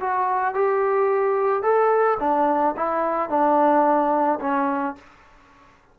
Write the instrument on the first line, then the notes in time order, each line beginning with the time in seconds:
trombone
0.00 F#4
0.54 G4
1.63 A4
2.20 D4
2.76 E4
3.29 D4
4.40 C#4